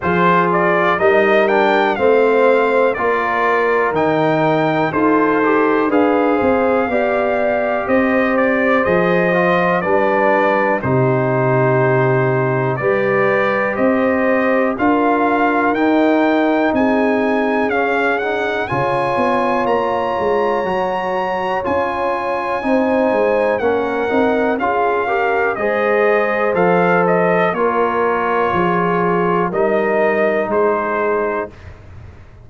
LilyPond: <<
  \new Staff \with { instrumentName = "trumpet" } { \time 4/4 \tempo 4 = 61 c''8 d''8 dis''8 g''8 f''4 d''4 | g''4 c''4 f''2 | dis''8 d''8 dis''4 d''4 c''4~ | c''4 d''4 dis''4 f''4 |
g''4 gis''4 f''8 fis''8 gis''4 | ais''2 gis''2 | fis''4 f''4 dis''4 f''8 dis''8 | cis''2 dis''4 c''4 | }
  \new Staff \with { instrumentName = "horn" } { \time 4/4 gis'4 ais'4 c''4 ais'4~ | ais'4 a'4 b'8 c''8 d''4 | c''2 b'4 g'4~ | g'4 b'4 c''4 ais'4~ |
ais'4 gis'2 cis''4~ | cis''2. c''4 | ais'4 gis'8 ais'8 c''2 | ais'4 gis'4 ais'4 gis'4 | }
  \new Staff \with { instrumentName = "trombone" } { \time 4/4 f'4 dis'8 d'8 c'4 f'4 | dis'4 f'8 g'8 gis'4 g'4~ | g'4 gis'8 f'8 d'4 dis'4~ | dis'4 g'2 f'4 |
dis'2 cis'8 dis'8 f'4~ | f'4 fis'4 f'4 dis'4 | cis'8 dis'8 f'8 g'8 gis'4 a'4 | f'2 dis'2 | }
  \new Staff \with { instrumentName = "tuba" } { \time 4/4 f4 g4 a4 ais4 | dis4 dis'4 d'8 c'8 b4 | c'4 f4 g4 c4~ | c4 g4 c'4 d'4 |
dis'4 c'4 cis'4 cis8 b8 | ais8 gis8 fis4 cis'4 c'8 gis8 | ais8 c'8 cis'4 gis4 f4 | ais4 f4 g4 gis4 | }
>>